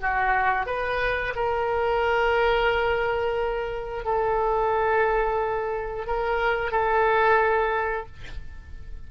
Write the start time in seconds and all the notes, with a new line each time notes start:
0.00 F#4
0.66 B4
1.36 A#4
4.05 A4
6.07 A#4
6.72 A4